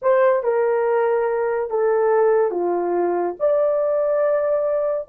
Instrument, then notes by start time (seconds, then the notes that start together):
horn
0.02 C5
0.43 A#4
1.69 A4
2.50 F4
3.39 D5